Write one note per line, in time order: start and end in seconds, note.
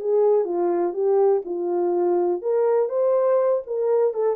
0.00 0.45 G#4
0.45 0.94 F4
0.94 1.43 G4
1.45 2.42 F4
2.42 2.89 A#4
2.89 3.62 C5
3.67 4.14 A#4
4.14 4.36 A4